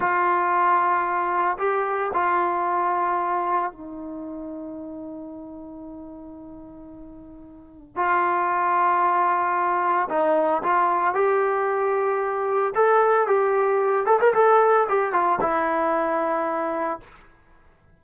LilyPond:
\new Staff \with { instrumentName = "trombone" } { \time 4/4 \tempo 4 = 113 f'2. g'4 | f'2. dis'4~ | dis'1~ | dis'2. f'4~ |
f'2. dis'4 | f'4 g'2. | a'4 g'4. a'16 ais'16 a'4 | g'8 f'8 e'2. | }